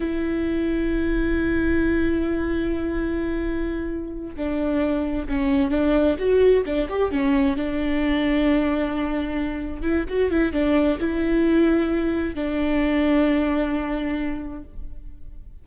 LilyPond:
\new Staff \with { instrumentName = "viola" } { \time 4/4 \tempo 4 = 131 e'1~ | e'1~ | e'4. d'2 cis'8~ | cis'8 d'4 fis'4 d'8 g'8 cis'8~ |
cis'8 d'2.~ d'8~ | d'4. e'8 fis'8 e'8 d'4 | e'2. d'4~ | d'1 | }